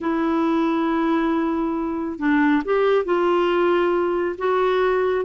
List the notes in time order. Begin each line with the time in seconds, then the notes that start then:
0.01 E4
2.18 D4
2.64 G4
3.04 F4
4.38 F#4